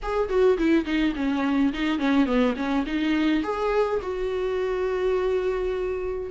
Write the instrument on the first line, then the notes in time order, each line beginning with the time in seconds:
viola
0.02 G#4
0.29 F#4
0.57 E4
0.85 D#4
1.15 C#4
1.73 D#4
1.98 C#4
2.25 B3
2.56 C#4
2.86 D#4
3.43 G#4
4.02 F#4